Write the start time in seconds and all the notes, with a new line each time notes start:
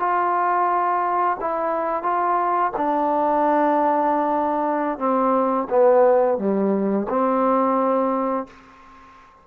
0.00 F4
1.41 E4
2.03 F4
2.77 D4
4.99 C4
5.70 B3
6.39 G3
7.09 C4